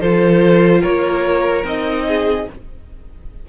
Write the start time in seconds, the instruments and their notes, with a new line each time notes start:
0.00 cello F3, viola F4, violin A4 C5
0.81 cello A#3, violin A#4 C#5
1.64 cello C4, viola D#4, violin D#5
2.07 violin G#4